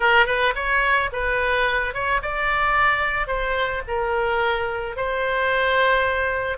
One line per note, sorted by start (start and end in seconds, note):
0.00 0.26 A#4
0.26 0.53 B4
0.55 1.10 C#5
1.12 1.93 B4
1.93 2.21 C#5
2.22 3.27 D5
3.27 3.82 C5
3.87 4.96 A#4
4.96 6.57 C5